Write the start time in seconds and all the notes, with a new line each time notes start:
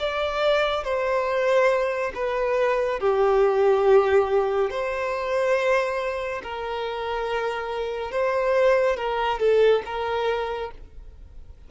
0.00 D5
0.84 C5
2.15 B4
3.00 G4
4.71 C5
6.43 A#4
8.12 C5
8.97 A#4
9.40 A4
9.86 A#4